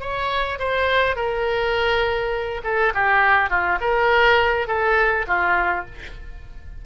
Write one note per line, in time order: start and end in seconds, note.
0.00 0.58 C#5
0.59 1.15 C5
1.15 2.61 A#4
2.63 2.93 A4
2.94 3.50 G4
3.50 3.79 F4
3.80 4.67 A#4
4.67 5.26 A4
5.27 5.85 F4